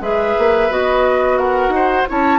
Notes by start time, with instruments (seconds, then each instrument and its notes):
0.00 bassoon G#3, clarinet G#4, oboe B4, flute E5
0.38 bassoon A#3
0.70 bassoon B3, clarinet F#4, flute D#5
1.38 oboe A#4, flute F#5
1.68 bassoon D#4
1.75 oboe C5
2.07 bassoon C#4, clarinet E4, oboe C#5, flute A5